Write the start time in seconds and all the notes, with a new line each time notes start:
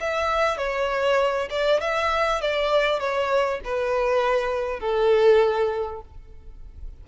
0.00 E5
0.57 C#5
1.50 D5
1.80 E5
2.41 D5
2.99 C#5
3.64 B4
4.80 A4